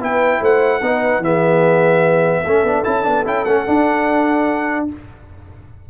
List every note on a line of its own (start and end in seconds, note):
0.00 0.41 B3
0.00 0.81 E4
0.00 0.41 B4
0.00 0.44 G5
0.41 0.82 A3
0.41 0.82 C5
0.41 1.24 F#5
0.82 1.19 B3
0.82 1.23 D#4
0.82 1.24 B4
1.19 2.41 E3
1.19 2.45 B3
1.19 2.43 G#4
1.19 2.84 E5
2.43 2.63 A3
2.43 2.66 C#4
2.43 4.86 A4
2.63 2.83 B3
2.63 2.84 D4
2.84 3.07 C#4
2.84 3.03 E4
2.84 3.25 A5
3.03 3.26 B3
3.03 3.24 D4
3.25 3.46 C#4
3.25 3.45 E4
3.25 3.45 G5
3.45 3.67 A3
3.45 3.67 C#4
3.45 4.87 F#5
3.67 4.88 D4
3.67 4.90 D4